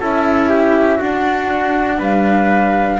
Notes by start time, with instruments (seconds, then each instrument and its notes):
0.00 double bass C#4, cello E4, trumpet A4, flute E5
0.49 trumpet G4
0.97 cello D4, double bass D4, trumpet F#4, flute F#5
1.98 double bass G3, trumpet B4, flute F5